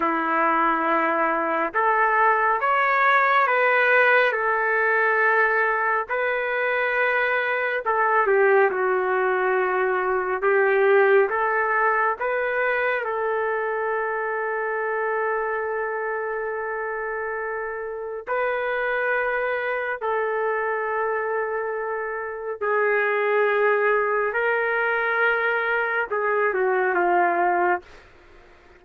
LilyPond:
\new Staff \with { instrumentName = "trumpet" } { \time 4/4 \tempo 4 = 69 e'2 a'4 cis''4 | b'4 a'2 b'4~ | b'4 a'8 g'8 fis'2 | g'4 a'4 b'4 a'4~ |
a'1~ | a'4 b'2 a'4~ | a'2 gis'2 | ais'2 gis'8 fis'8 f'4 | }